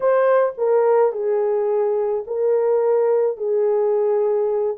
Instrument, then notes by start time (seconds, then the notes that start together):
horn
0.00 C5
0.57 A#4
1.12 G#4
2.27 A#4
3.37 G#4